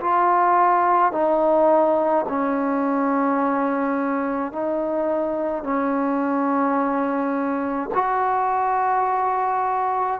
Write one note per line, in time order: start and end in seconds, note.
0.00 1.12 F4
1.12 2.25 D#4
2.28 4.52 C#4
4.52 5.63 D#4
5.63 7.89 C#4
7.94 10.20 F#4